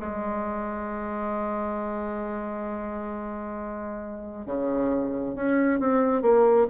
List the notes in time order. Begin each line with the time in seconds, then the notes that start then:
0.00 G#3
4.47 C#3
5.36 C#4
5.80 C4
6.22 A#3